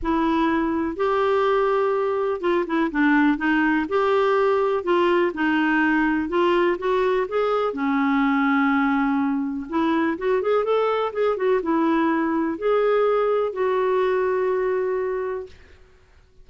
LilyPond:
\new Staff \with { instrumentName = "clarinet" } { \time 4/4 \tempo 4 = 124 e'2 g'2~ | g'4 f'8 e'8 d'4 dis'4 | g'2 f'4 dis'4~ | dis'4 f'4 fis'4 gis'4 |
cis'1 | e'4 fis'8 gis'8 a'4 gis'8 fis'8 | e'2 gis'2 | fis'1 | }